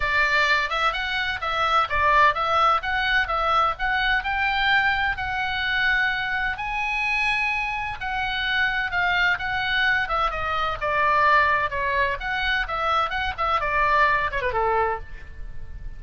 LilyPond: \new Staff \with { instrumentName = "oboe" } { \time 4/4 \tempo 4 = 128 d''4. e''8 fis''4 e''4 | d''4 e''4 fis''4 e''4 | fis''4 g''2 fis''4~ | fis''2 gis''2~ |
gis''4 fis''2 f''4 | fis''4. e''8 dis''4 d''4~ | d''4 cis''4 fis''4 e''4 | fis''8 e''8 d''4. cis''16 b'16 a'4 | }